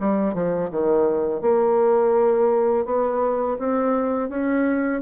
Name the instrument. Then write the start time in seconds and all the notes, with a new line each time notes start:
bassoon
0.00 G3
0.34 F3
0.71 D#3
1.41 A#3
2.86 B3
3.59 C4
4.29 C#4